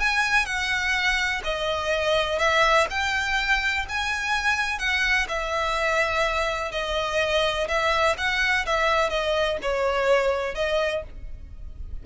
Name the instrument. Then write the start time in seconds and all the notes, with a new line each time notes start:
violin
0.00 G#5
0.46 F#5
1.44 D#5
2.39 E5
2.90 G5
3.89 G#5
4.79 F#5
5.29 E5
6.72 D#5
7.68 E5
8.18 F#5
8.66 E5
9.10 D#5
9.62 C#5
10.55 D#5